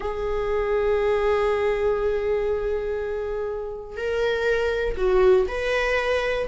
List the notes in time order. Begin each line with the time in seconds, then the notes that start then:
0.00 G#4
3.97 A#4
4.97 F#4
5.48 B4